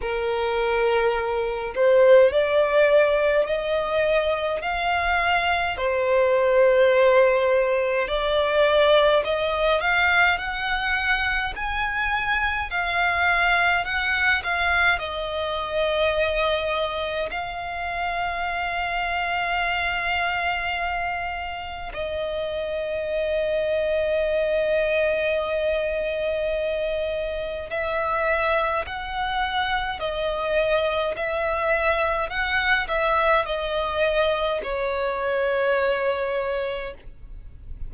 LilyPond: \new Staff \with { instrumentName = "violin" } { \time 4/4 \tempo 4 = 52 ais'4. c''8 d''4 dis''4 | f''4 c''2 d''4 | dis''8 f''8 fis''4 gis''4 f''4 | fis''8 f''8 dis''2 f''4~ |
f''2. dis''4~ | dis''1 | e''4 fis''4 dis''4 e''4 | fis''8 e''8 dis''4 cis''2 | }